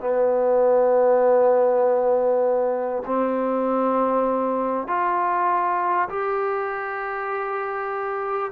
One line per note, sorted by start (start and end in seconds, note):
0.00 3.03 B3
3.06 4.87 C4
4.87 6.09 F4
6.09 8.51 G4